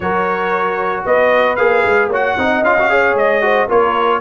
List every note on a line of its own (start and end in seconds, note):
0.00 1.04 F#3
0.00 1.58 F#4
0.00 1.05 A#4
0.00 1.04 C#5
1.05 1.58 B3
1.05 2.09 B4
1.05 1.56 D#5
1.56 1.84 A#3
1.56 2.10 G#4
1.56 2.08 F5
1.85 2.08 G#3
2.08 2.34 A#3
2.08 2.38 F#4
2.08 2.36 C#5
2.08 2.64 F#5
2.37 2.61 C4
2.37 2.64 D#4
2.37 2.90 D#5
2.61 3.14 C#4
2.61 2.78 F4
2.61 3.16 F5
2.78 2.89 F#4
2.89 3.41 G#4
2.89 3.43 C#5
3.14 3.66 G#3
3.14 3.69 D#5
3.41 3.67 F#4
3.41 3.68 C5
3.68 4.21 A#3
3.68 4.21 F4
3.68 4.20 A#4
3.68 4.21 C#5